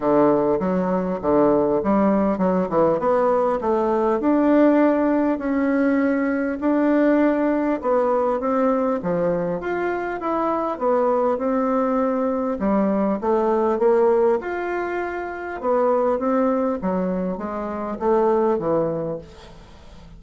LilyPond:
\new Staff \with { instrumentName = "bassoon" } { \time 4/4 \tempo 4 = 100 d4 fis4 d4 g4 | fis8 e8 b4 a4 d'4~ | d'4 cis'2 d'4~ | d'4 b4 c'4 f4 |
f'4 e'4 b4 c'4~ | c'4 g4 a4 ais4 | f'2 b4 c'4 | fis4 gis4 a4 e4 | }